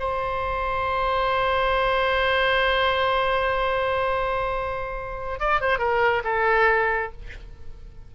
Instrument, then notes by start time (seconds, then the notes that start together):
oboe
0.00 C5
5.40 D5
5.61 C5
5.79 A#4
6.24 A4